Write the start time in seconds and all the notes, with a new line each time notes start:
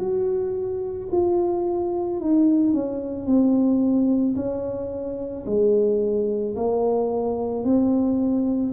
0.00 F#4
1.12 F4
2.20 D#4
2.74 C#4
3.26 C4
4.36 C#4
5.46 G#3
6.57 A#3
7.65 C4